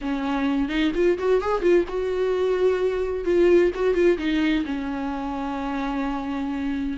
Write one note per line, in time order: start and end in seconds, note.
0.01 0.68 C#4
0.68 0.92 D#4
0.94 1.18 F4
1.18 1.41 F#4
1.41 1.61 G#4
1.61 1.84 F4
1.88 3.24 F#4
3.24 3.71 F4
3.74 3.94 F#4
3.94 4.17 F4
4.18 4.64 D#4
4.65 6.97 C#4